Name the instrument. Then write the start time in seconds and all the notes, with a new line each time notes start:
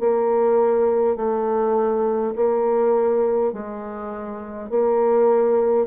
bassoon
0.00 A#3
1.17 A3
2.36 A#3
3.53 G#3
4.70 A#3